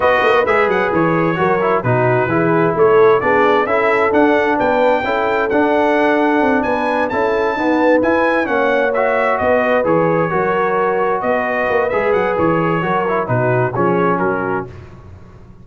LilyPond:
<<
  \new Staff \with { instrumentName = "trumpet" } { \time 4/4 \tempo 4 = 131 dis''4 e''8 fis''8 cis''2 | b'2 cis''4 d''4 | e''4 fis''4 g''2 | fis''2~ fis''8 gis''4 a''8~ |
a''4. gis''4 fis''4 e''8~ | e''8 dis''4 cis''2~ cis''8~ | cis''8 dis''4. e''8 fis''8 cis''4~ | cis''4 b'4 cis''4 ais'4 | }
  \new Staff \with { instrumentName = "horn" } { \time 4/4 b'2. ais'4 | fis'4 gis'4 a'4 gis'4 | a'2 b'4 a'4~ | a'2~ a'8 b'4 a'8~ |
a'8 b'2 cis''4.~ | cis''8 b'2 ais'4.~ | ais'8 b'2.~ b'8 | ais'4 fis'4 gis'4 fis'4 | }
  \new Staff \with { instrumentName = "trombone" } { \time 4/4 fis'4 gis'2 fis'8 e'8 | dis'4 e'2 d'4 | e'4 d'2 e'4 | d'2.~ d'8 e'8~ |
e'8 b4 e'4 cis'4 fis'8~ | fis'4. gis'4 fis'4.~ | fis'2 gis'2 | fis'8 e'8 dis'4 cis'2 | }
  \new Staff \with { instrumentName = "tuba" } { \time 4/4 b8 ais8 gis8 fis8 e4 fis4 | b,4 e4 a4 b4 | cis'4 d'4 b4 cis'4 | d'2 c'8 b4 cis'8~ |
cis'8 dis'4 e'4 ais4.~ | ais8 b4 e4 fis4.~ | fis8 b4 ais8 gis8 fis8 e4 | fis4 b,4 f4 fis4 | }
>>